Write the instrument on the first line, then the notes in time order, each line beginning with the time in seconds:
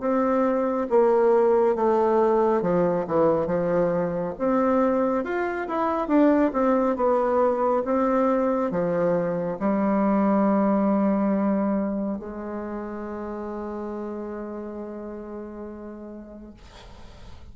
bassoon
0.00 C4
0.90 A#3
1.75 A3
2.62 F3
3.07 E3
3.47 F3
4.38 C4
5.24 F4
5.68 E4
6.08 D4
6.53 C4
6.96 B3
7.85 C4
8.71 F3
9.59 G3
12.19 G#3